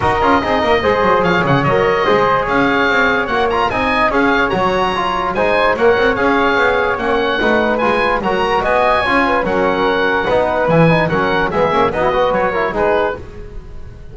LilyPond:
<<
  \new Staff \with { instrumentName = "oboe" } { \time 4/4 \tempo 4 = 146 dis''2. f''8 fis''8 | dis''2 f''2 | fis''8 ais''8 gis''4 f''4 ais''4~ | ais''4 gis''4 fis''4 f''4~ |
f''4 fis''2 gis''4 | ais''4 gis''2 fis''4~ | fis''2 gis''4 fis''4 | e''4 dis''4 cis''4 b'4 | }
  \new Staff \with { instrumentName = "flute" } { \time 4/4 ais'4 gis'8 ais'8 c''4 cis''4~ | cis''4 c''4 cis''2~ | cis''4 dis''4 cis''2~ | cis''4 c''4 cis''2~ |
cis''2 b'2 | ais'4 dis''4 cis''8 b'8 ais'4~ | ais'4 b'2 ais'4 | gis'4 fis'8 b'4 ais'8 gis'4 | }
  \new Staff \with { instrumentName = "trombone" } { \time 4/4 fis'8 f'8 dis'4 gis'2 | ais'4 gis'2. | fis'8 f'8 dis'4 gis'4 fis'4 | f'4 dis'4 ais'4 gis'4~ |
gis'4 cis'4 dis'4 f'4 | fis'2 f'4 cis'4~ | cis'4 dis'4 e'8 dis'8 cis'4 | b8 cis'8 dis'16 e'16 fis'4 e'8 dis'4 | }
  \new Staff \with { instrumentName = "double bass" } { \time 4/4 dis'8 cis'8 c'8 ais8 gis8 fis8 f8 cis8 | fis4 gis4 cis'4 c'4 | ais4 c'4 cis'4 fis4~ | fis4 gis4 ais8 c'8 cis'4 |
b4 ais4 a4 gis4 | fis4 b4 cis'4 fis4~ | fis4 b4 e4 fis4 | gis8 ais8 b4 fis4 gis4 | }
>>